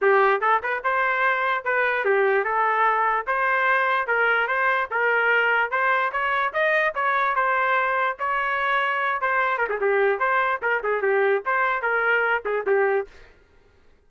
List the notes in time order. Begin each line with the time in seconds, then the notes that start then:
0.01 G4
0.40 A4
0.62 B4
0.83 C5
1.64 B4
2.05 G4
2.44 A4
3.26 C5
4.07 A#4
4.47 C5
4.91 A#4
5.71 C5
6.12 C#5
6.53 D#5
6.95 C#5
7.35 C5
8.19 C#5
9.21 C5
9.58 A#4
9.69 G#4
9.80 G4
10.19 C5
10.62 A#4
10.83 G#4
11.02 G4
11.45 C5
11.82 A#4
12.45 G#4
12.66 G4